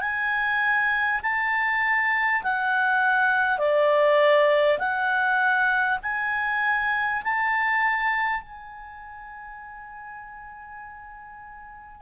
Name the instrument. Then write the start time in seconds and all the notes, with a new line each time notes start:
clarinet
0.00 G#5
1.22 A5
2.43 F#5
3.58 D5
4.78 F#5
6.02 G#5
7.23 A5
8.41 G#5